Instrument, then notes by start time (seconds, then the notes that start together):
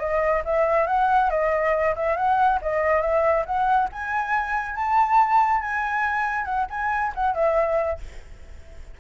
flute
0.00 D#5
0.45 E5
0.87 F#5
1.31 D#5
1.96 E5
2.17 F#5
2.62 D#5
3.02 E5
3.46 F#5
3.92 G#5
4.75 A5
5.62 G#5
6.45 F#5
6.70 G#5
7.15 F#5
7.35 E5